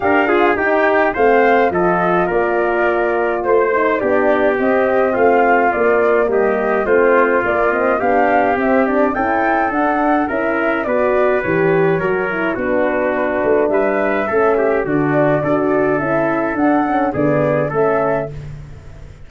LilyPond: <<
  \new Staff \with { instrumentName = "flute" } { \time 4/4 \tempo 4 = 105 f''4 g''4 f''4 dis''4 | d''2 c''4 d''4 | dis''4 f''4 d''4 dis''4 | c''4 d''8 dis''8 f''4 e''8 d''8 |
g''4 fis''4 e''4 d''4 | cis''2 b'2 | e''2 d''2 | e''4 fis''4 d''4 e''4 | }
  \new Staff \with { instrumentName = "trumpet" } { \time 4/4 ais'8 gis'8 g'4 c''4 a'4 | ais'2 c''4 g'4~ | g'4 f'2 g'4 | f'2 g'2 |
a'2 ais'4 b'4~ | b'4 ais'4 fis'2 | b'4 a'8 g'8 fis'4 a'4~ | a'2 gis'4 a'4 | }
  \new Staff \with { instrumentName = "horn" } { \time 4/4 g'8 f'8 dis'4 c'4 f'4~ | f'2~ f'8 dis'8 d'4 | c'2 ais2 | c'4 ais8 c'8 d'4 c'8 d'8 |
e'4 d'4 e'4 fis'4 | g'4 fis'8 e'8 d'2~ | d'4 cis'4 d'4 fis'4 | e'4 d'8 cis'8 b4 cis'4 | }
  \new Staff \with { instrumentName = "tuba" } { \time 4/4 d'4 dis'4 a4 f4 | ais2 a4 b4 | c'4 a4 ais4 g4 | a4 ais4 b4 c'4 |
cis'4 d'4 cis'4 b4 | e4 fis4 b4. a8 | g4 a4 d4 d'4 | cis'4 d'4 d4 a4 | }
>>